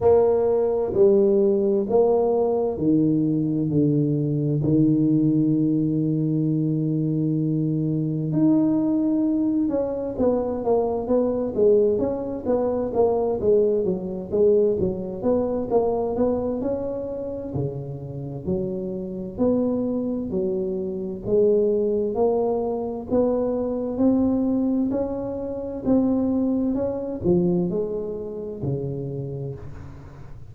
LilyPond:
\new Staff \with { instrumentName = "tuba" } { \time 4/4 \tempo 4 = 65 ais4 g4 ais4 dis4 | d4 dis2.~ | dis4 dis'4. cis'8 b8 ais8 | b8 gis8 cis'8 b8 ais8 gis8 fis8 gis8 |
fis8 b8 ais8 b8 cis'4 cis4 | fis4 b4 fis4 gis4 | ais4 b4 c'4 cis'4 | c'4 cis'8 f8 gis4 cis4 | }